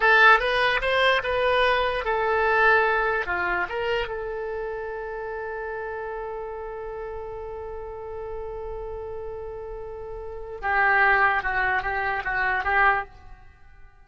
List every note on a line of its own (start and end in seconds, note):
0.00 0.39 A4
0.39 0.80 B4
0.81 1.22 C5
1.23 2.04 B4
2.05 3.26 A4
3.26 3.66 F4
3.68 4.07 A#4
4.07 10.60 A4
10.61 11.42 G4
11.42 11.82 F#4
11.82 12.23 G4
12.24 12.64 F#4
12.64 13.04 G4